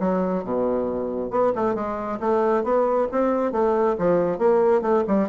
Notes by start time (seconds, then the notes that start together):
0.00 F#3
0.44 B2
1.31 B3
1.55 A3
1.75 G#3
2.20 A3
2.64 B3
3.12 C4
3.52 A3
3.99 F3
4.39 A#3
4.82 A3
5.08 G3